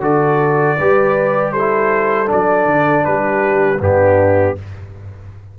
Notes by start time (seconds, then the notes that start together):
0.00 D3 F#4 A4 D5
0.78 G3 G4 B4
1.52 A4 C5
1.58 E4
2.26 F#3 D4 D5
2.65 D3
3.04 G3 G4 B4
3.79 G2 B3 D4 G4